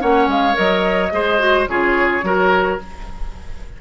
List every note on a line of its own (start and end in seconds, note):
0.00 0.28 A#3
0.00 0.54 C#4
0.00 1.13 C#5
0.00 0.29 F#5
0.28 0.55 G#3
0.28 0.58 F5
0.54 1.12 F#3
0.54 1.09 A#4
0.54 1.68 D#5
1.12 1.68 G#3
1.12 1.39 G#4
1.12 1.70 C5
1.39 1.67 F#4
1.68 2.23 C#3
1.68 2.23 F4
1.68 2.25 G#4
1.68 2.79 C#5
2.23 2.79 F#3
2.23 2.78 F#4
2.23 2.81 A#4